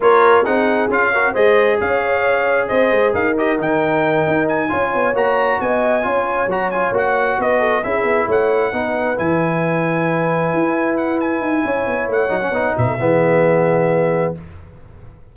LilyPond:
<<
  \new Staff \with { instrumentName = "trumpet" } { \time 4/4 \tempo 4 = 134 cis''4 fis''4 f''4 dis''4 | f''2 dis''4 f''8 dis''8 | g''2 gis''4. ais''8~ | ais''8 gis''2 ais''8 gis''8 fis''8~ |
fis''8 dis''4 e''4 fis''4.~ | fis''8 gis''2.~ gis''8~ | gis''8 fis''8 gis''2 fis''4~ | fis''8 e''2.~ e''8 | }
  \new Staff \with { instrumentName = "horn" } { \time 4/4 ais'4 gis'4. ais'8 c''4 | cis''2 c''4 ais'4~ | ais'2~ ais'8 cis''4.~ | cis''8 dis''4 cis''2~ cis''8~ |
cis''8 b'8 a'8 gis'4 cis''4 b'8~ | b'1~ | b'2 cis''2~ | cis''8 b'16 a'16 gis'2. | }
  \new Staff \with { instrumentName = "trombone" } { \time 4/4 f'4 dis'4 f'8 fis'8 gis'4~ | gis'2.~ gis'8 g'8 | dis'2~ dis'8 f'4 fis'8~ | fis'4. f'4 fis'8 f'8 fis'8~ |
fis'4. e'2 dis'8~ | dis'8 e'2.~ e'8~ | e'2.~ e'8 dis'16 cis'16 | dis'4 b2. | }
  \new Staff \with { instrumentName = "tuba" } { \time 4/4 ais4 c'4 cis'4 gis4 | cis'2 c'8 gis8 dis'4 | dis4. dis'4 cis'8 b8 ais8~ | ais8 b4 cis'4 fis4 ais8~ |
ais8 b4 cis'8 b8 a4 b8~ | b8 e2. e'8~ | e'4. dis'8 cis'8 b8 a8 fis8 | b8 b,8 e2. | }
>>